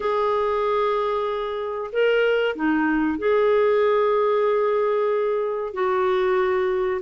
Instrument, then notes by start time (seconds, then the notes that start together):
clarinet
0.00 G#4
1.92 A#4
2.55 D#4
3.18 G#4
5.73 F#4